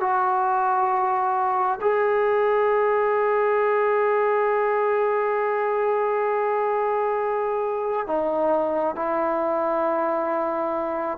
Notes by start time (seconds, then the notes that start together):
0.00 F#4
1.81 G#4
8.06 D#4
8.95 E4